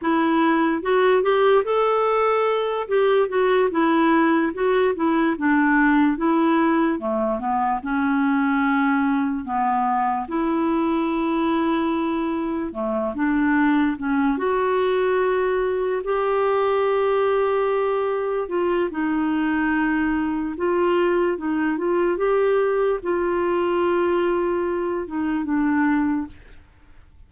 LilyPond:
\new Staff \with { instrumentName = "clarinet" } { \time 4/4 \tempo 4 = 73 e'4 fis'8 g'8 a'4. g'8 | fis'8 e'4 fis'8 e'8 d'4 e'8~ | e'8 a8 b8 cis'2 b8~ | b8 e'2. a8 |
d'4 cis'8 fis'2 g'8~ | g'2~ g'8 f'8 dis'4~ | dis'4 f'4 dis'8 f'8 g'4 | f'2~ f'8 dis'8 d'4 | }